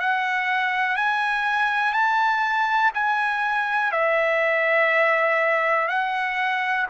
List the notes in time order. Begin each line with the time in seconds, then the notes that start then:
0.00 F#5
0.97 G#5
1.94 A5
2.94 G#5
3.92 E5
5.89 F#5